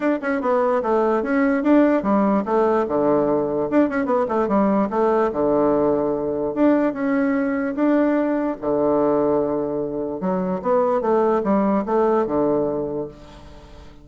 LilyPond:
\new Staff \with { instrumentName = "bassoon" } { \time 4/4 \tempo 4 = 147 d'8 cis'8 b4 a4 cis'4 | d'4 g4 a4 d4~ | d4 d'8 cis'8 b8 a8 g4 | a4 d2. |
d'4 cis'2 d'4~ | d'4 d2.~ | d4 fis4 b4 a4 | g4 a4 d2 | }